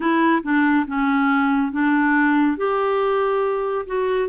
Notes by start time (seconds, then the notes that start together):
0.00 E4
0.42 D4
0.87 C#4
1.71 D4
2.57 G4
3.86 F#4